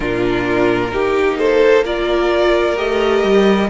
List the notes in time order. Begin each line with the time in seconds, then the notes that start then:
0.00 A#2 D4 F4 A#4
0.91 A#3 D#4 G4
1.38 A4 C5
1.83 F4 A#4 D5
2.76 A3 G4 D#5
3.23 G3